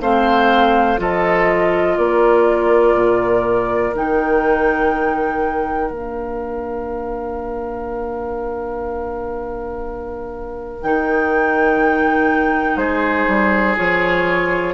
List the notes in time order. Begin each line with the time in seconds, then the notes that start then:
0.00 A3 C4 C5 F5
0.97 F3 F4 A4 D#5
1.97 A#3 A#4 D5
2.94 A#2
3.94 D#3 D#4 G5
5.90 A#3 D4 F5
10.82 D#3 D#4 G5
12.76 G#3 G#4 C5
13.27 G3
13.76 F3 F4 C#5